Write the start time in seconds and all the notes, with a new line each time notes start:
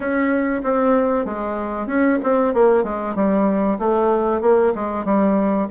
0.00 C#4
0.63 C4
1.25 G#3
1.87 C#4
2.23 C4
2.53 A#3
2.83 G#3
3.15 G3
3.78 A3
4.41 A#3
4.75 G#3
5.04 G3